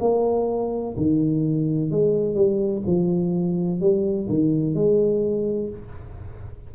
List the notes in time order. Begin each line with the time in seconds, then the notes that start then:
0.00 A#3
0.97 D#3
1.90 G#3
2.35 G3
2.86 F3
3.81 G3
4.29 D#3
4.74 G#3